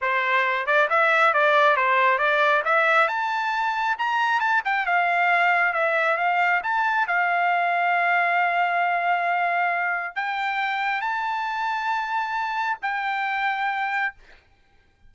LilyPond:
\new Staff \with { instrumentName = "trumpet" } { \time 4/4 \tempo 4 = 136 c''4. d''8 e''4 d''4 | c''4 d''4 e''4 a''4~ | a''4 ais''4 a''8 g''8 f''4~ | f''4 e''4 f''4 a''4 |
f''1~ | f''2. g''4~ | g''4 a''2.~ | a''4 g''2. | }